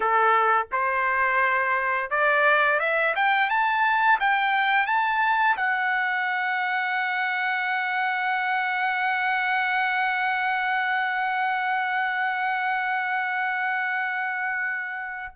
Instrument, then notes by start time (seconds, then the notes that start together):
trumpet
0.00 A4
0.72 C5
2.10 D5
2.79 E5
3.15 G5
3.49 A5
4.20 G5
4.86 A5
5.57 F#5